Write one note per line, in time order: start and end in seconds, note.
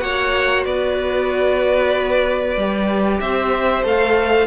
0.00 0.66 A#3
0.00 2.55 F#4
0.00 0.65 C#5
0.00 0.64 F#5
0.65 2.56 B3
0.65 3.21 B4
0.65 3.20 D5
2.56 3.20 G3
2.56 3.83 G4
3.20 3.84 C4
3.20 4.47 C5
3.20 3.84 E5
3.83 4.47 A3
3.83 4.47 A4
3.83 4.47 F5